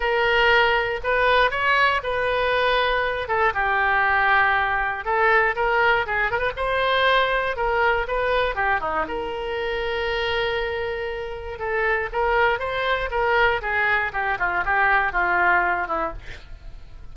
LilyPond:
\new Staff \with { instrumentName = "oboe" } { \time 4/4 \tempo 4 = 119 ais'2 b'4 cis''4 | b'2~ b'8 a'8 g'4~ | g'2 a'4 ais'4 | gis'8 ais'16 b'16 c''2 ais'4 |
b'4 g'8 dis'8 ais'2~ | ais'2. a'4 | ais'4 c''4 ais'4 gis'4 | g'8 f'8 g'4 f'4. e'8 | }